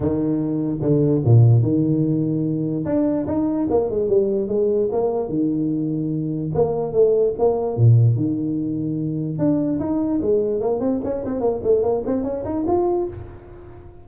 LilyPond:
\new Staff \with { instrumentName = "tuba" } { \time 4/4 \tempo 4 = 147 dis2 d4 ais,4 | dis2. d'4 | dis'4 ais8 gis8 g4 gis4 | ais4 dis2. |
ais4 a4 ais4 ais,4 | dis2. d'4 | dis'4 gis4 ais8 c'8 cis'8 c'8 | ais8 a8 ais8 c'8 cis'8 dis'8 f'4 | }